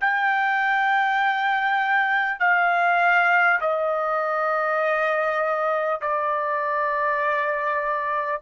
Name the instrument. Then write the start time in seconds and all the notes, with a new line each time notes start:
trumpet
0.00 G5
2.39 F5
3.61 D#5
6.01 D5